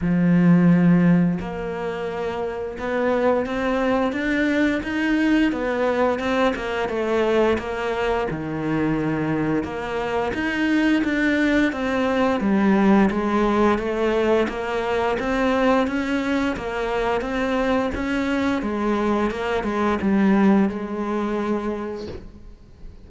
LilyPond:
\new Staff \with { instrumentName = "cello" } { \time 4/4 \tempo 4 = 87 f2 ais2 | b4 c'4 d'4 dis'4 | b4 c'8 ais8 a4 ais4 | dis2 ais4 dis'4 |
d'4 c'4 g4 gis4 | a4 ais4 c'4 cis'4 | ais4 c'4 cis'4 gis4 | ais8 gis8 g4 gis2 | }